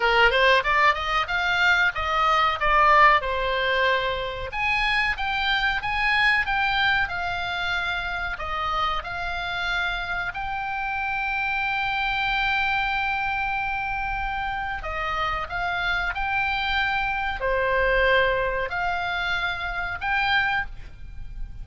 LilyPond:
\new Staff \with { instrumentName = "oboe" } { \time 4/4 \tempo 4 = 93 ais'8 c''8 d''8 dis''8 f''4 dis''4 | d''4 c''2 gis''4 | g''4 gis''4 g''4 f''4~ | f''4 dis''4 f''2 |
g''1~ | g''2. dis''4 | f''4 g''2 c''4~ | c''4 f''2 g''4 | }